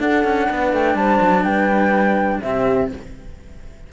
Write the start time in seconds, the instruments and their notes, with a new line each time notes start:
0.00 cello D4, horn A4, flute F#5
0.25 cello C#4
0.50 cello B3, horn B4
0.73 cello A3, flute G5
0.95 cello G3, horn C5, flute A5
1.21 cello F#3
1.44 cello G3, horn B4, flute G5
2.42 cello C3 C4, horn G4, flute E5